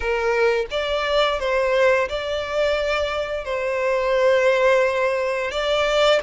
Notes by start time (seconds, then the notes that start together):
0.00 A#4
0.70 D5
1.39 C5
2.08 D5
3.44 C5
5.51 D5